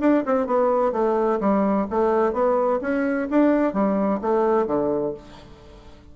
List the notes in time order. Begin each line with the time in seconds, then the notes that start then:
0.00 D4
0.26 C4
0.46 B3
0.92 A3
1.40 G3
1.90 A3
2.33 B3
2.81 C#4
3.30 D4
3.73 G3
4.21 A3
4.67 D3